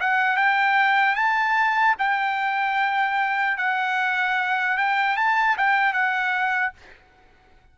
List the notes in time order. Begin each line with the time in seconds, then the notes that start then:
0.00 F#5
0.36 G5
1.15 A5
1.98 G5
3.57 F#5
4.77 G5
5.16 A5
5.57 G5
5.93 F#5